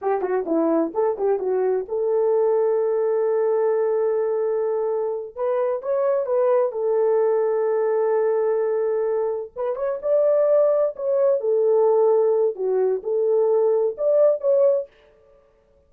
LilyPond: \new Staff \with { instrumentName = "horn" } { \time 4/4 \tempo 4 = 129 g'8 fis'8 e'4 a'8 g'8 fis'4 | a'1~ | a'2.~ a'8 b'8~ | b'8 cis''4 b'4 a'4.~ |
a'1~ | a'8 b'8 cis''8 d''2 cis''8~ | cis''8 a'2~ a'8 fis'4 | a'2 d''4 cis''4 | }